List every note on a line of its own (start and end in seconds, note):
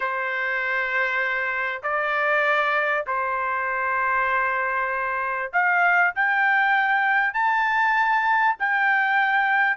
0.00 1.82 C5
1.83 3.05 D5
3.06 5.51 C5
5.52 6.14 F5
6.15 7.33 G5
7.33 8.56 A5
8.59 9.77 G5